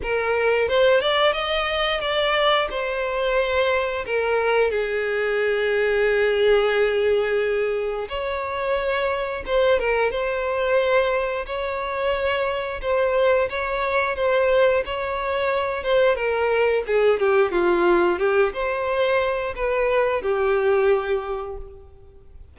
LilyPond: \new Staff \with { instrumentName = "violin" } { \time 4/4 \tempo 4 = 89 ais'4 c''8 d''8 dis''4 d''4 | c''2 ais'4 gis'4~ | gis'1 | cis''2 c''8 ais'8 c''4~ |
c''4 cis''2 c''4 | cis''4 c''4 cis''4. c''8 | ais'4 gis'8 g'8 f'4 g'8 c''8~ | c''4 b'4 g'2 | }